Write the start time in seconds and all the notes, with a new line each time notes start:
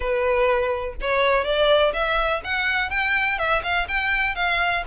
0.00 B4
1.01 C#5
1.44 D5
1.93 E5
2.44 F#5
2.89 G5
3.38 E5
3.63 F5
3.88 G5
4.35 F5